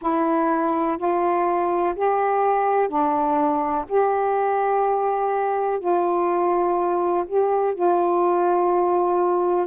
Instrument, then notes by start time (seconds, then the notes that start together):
saxophone
0.01 E4
0.97 F4
1.95 G4
2.88 D4
3.88 G4
5.79 F4
7.27 G4
7.74 F4